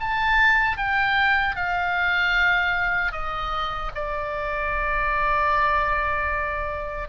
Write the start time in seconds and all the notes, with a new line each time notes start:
0.00 A5
0.77 G5
1.55 F5
3.12 D#5
3.95 D5